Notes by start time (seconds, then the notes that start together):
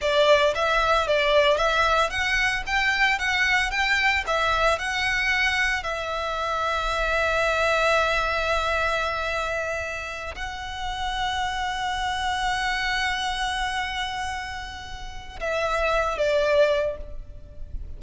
0.01 D5
0.54 E5
1.07 D5
1.57 E5
2.10 F#5
2.66 G5
3.19 F#5
3.70 G5
4.26 E5
4.79 F#5
5.83 E5
10.35 F#5
15.40 E5
16.17 D5